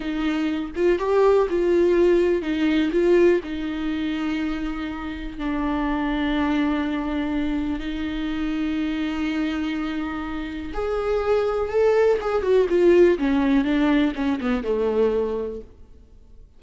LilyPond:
\new Staff \with { instrumentName = "viola" } { \time 4/4 \tempo 4 = 123 dis'4. f'8 g'4 f'4~ | f'4 dis'4 f'4 dis'4~ | dis'2. d'4~ | d'1 |
dis'1~ | dis'2 gis'2 | a'4 gis'8 fis'8 f'4 cis'4 | d'4 cis'8 b8 a2 | }